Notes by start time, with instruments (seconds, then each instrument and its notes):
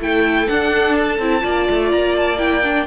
0.00 cello A3, viola E4, violin A4 G5
0.48 viola D4, cello D4, violin F#5
0.95 violin A5
1.19 cello C4, viola E4
1.41 cello A#3, viola F4, violin D5
1.70 cello A3
1.92 cello A#3, violin A#5
2.17 violin A5
2.38 viola E4, violin G5
2.64 viola D4